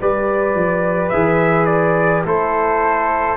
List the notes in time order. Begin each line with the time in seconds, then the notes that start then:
0.00 G3 G4 B4 D5
0.54 F3
1.09 E3 G#4 E5
1.66 D5
2.25 A3 E4 A4 C5